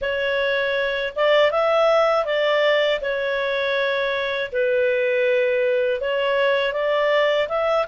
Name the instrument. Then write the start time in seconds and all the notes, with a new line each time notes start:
clarinet
0.01 C#5
1.15 D5
1.51 E5
2.25 D5
3.01 C#5
4.51 B4
6.00 C#5
6.73 D5
7.48 E5